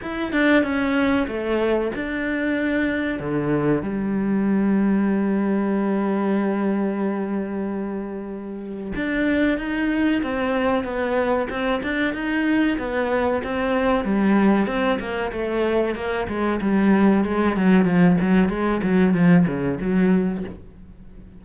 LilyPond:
\new Staff \with { instrumentName = "cello" } { \time 4/4 \tempo 4 = 94 e'8 d'8 cis'4 a4 d'4~ | d'4 d4 g2~ | g1~ | g2 d'4 dis'4 |
c'4 b4 c'8 d'8 dis'4 | b4 c'4 g4 c'8 ais8 | a4 ais8 gis8 g4 gis8 fis8 | f8 fis8 gis8 fis8 f8 cis8 fis4 | }